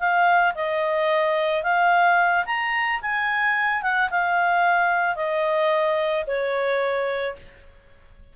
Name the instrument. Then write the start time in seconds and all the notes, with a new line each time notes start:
clarinet
0.00 F5
0.55 D#5
1.64 F5
2.46 A#5
3.02 G#5
3.83 F#5
4.11 F5
5.16 D#5
6.28 C#5